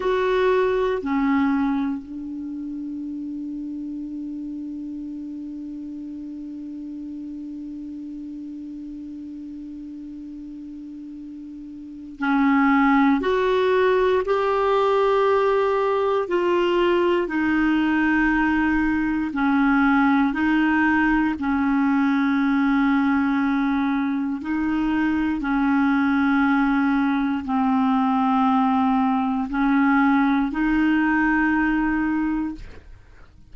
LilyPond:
\new Staff \with { instrumentName = "clarinet" } { \time 4/4 \tempo 4 = 59 fis'4 cis'4 d'2~ | d'1~ | d'1 | cis'4 fis'4 g'2 |
f'4 dis'2 cis'4 | dis'4 cis'2. | dis'4 cis'2 c'4~ | c'4 cis'4 dis'2 | }